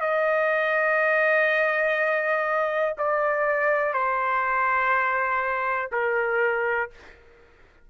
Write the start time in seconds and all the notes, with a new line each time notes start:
0.00 D#5
2.97 D5
3.93 C5
5.92 A#4